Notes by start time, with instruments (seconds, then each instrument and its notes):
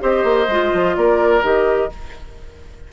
0.00 bassoon C4, clarinet G4, oboe C5, flute D#5
0.24 bassoon A#3
0.48 bassoon G#3, clarinet F4
0.73 bassoon F3
0.97 bassoon A#3, oboe A#4, flute D5
1.42 bassoon D#3, clarinet G4, flute D#5